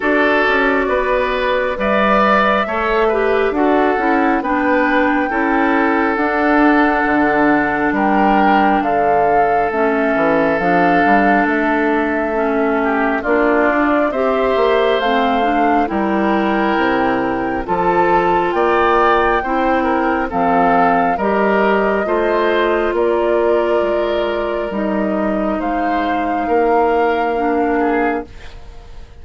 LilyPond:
<<
  \new Staff \with { instrumentName = "flute" } { \time 4/4 \tempo 4 = 68 d''2 e''2 | fis''4 g''2 fis''4~ | fis''4 g''4 f''4 e''4 | f''4 e''2 d''4 |
e''4 f''4 g''2 | a''4 g''2 f''4 | dis''2 d''2 | dis''4 f''2. | }
  \new Staff \with { instrumentName = "oboe" } { \time 4/4 a'4 b'4 d''4 cis''8 b'8 | a'4 b'4 a'2~ | a'4 ais'4 a'2~ | a'2~ a'8 g'8 f'4 |
c''2 ais'2 | a'4 d''4 c''8 ais'8 a'4 | ais'4 c''4 ais'2~ | ais'4 c''4 ais'4. gis'8 | }
  \new Staff \with { instrumentName = "clarinet" } { \time 4/4 fis'2 b'4 a'8 g'8 | fis'8 e'8 d'4 e'4 d'4~ | d'2. cis'4 | d'2 cis'4 d'4 |
g'4 c'8 d'8 e'2 | f'2 e'4 c'4 | g'4 f'2. | dis'2. d'4 | }
  \new Staff \with { instrumentName = "bassoon" } { \time 4/4 d'8 cis'8 b4 g4 a4 | d'8 cis'8 b4 cis'4 d'4 | d4 g4 d4 a8 e8 | f8 g8 a2 ais8 d'8 |
c'8 ais8 a4 g4 c4 | f4 ais4 c'4 f4 | g4 a4 ais4 gis4 | g4 gis4 ais2 | }
>>